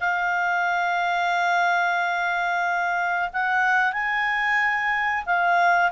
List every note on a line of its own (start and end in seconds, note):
0.00 3.30 F5
3.33 3.92 F#5
3.92 5.24 G#5
5.26 5.92 F5